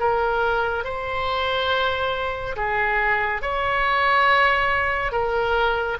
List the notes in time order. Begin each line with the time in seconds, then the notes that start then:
0.00 A#4
0.85 C5
2.56 G#4
3.42 C#5
5.12 A#4